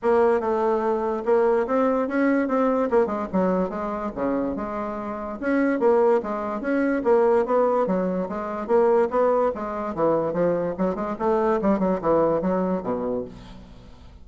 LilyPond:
\new Staff \with { instrumentName = "bassoon" } { \time 4/4 \tempo 4 = 145 ais4 a2 ais4 | c'4 cis'4 c'4 ais8 gis8 | fis4 gis4 cis4 gis4~ | gis4 cis'4 ais4 gis4 |
cis'4 ais4 b4 fis4 | gis4 ais4 b4 gis4 | e4 f4 fis8 gis8 a4 | g8 fis8 e4 fis4 b,4 | }